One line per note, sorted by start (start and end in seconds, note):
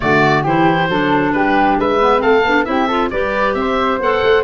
0.00 0.44 D3
0.00 0.44 A3
0.00 0.43 F#4
0.00 0.43 D5
0.43 0.88 E3
0.43 0.90 E4
0.43 0.87 G4
0.43 1.32 C5
0.88 1.33 F#3
0.88 2.01 D4
0.88 1.34 A4
1.32 1.78 G3
1.32 1.79 G4
1.32 1.77 B4
1.79 2.22 G#3
1.79 2.22 B4
1.79 2.21 E5
2.01 2.18 B3
2.18 2.44 A3
2.18 2.40 C4
2.18 2.66 A4
2.18 2.64 F5
2.44 2.66 B3
2.44 2.65 D4
2.64 3.11 C4
2.64 2.87 E4
2.64 2.87 G4
2.64 3.09 E5
2.87 3.11 F4
2.87 3.09 A4
3.10 3.54 G3
3.10 4.01 G4
3.10 3.56 B4
3.10 3.54 D5
3.54 3.98 C4
3.54 4.43 C5
3.54 3.98 E5
4.00 4.22 B3
4.00 4.43 A4
4.00 4.43 F#5
4.23 4.43 A3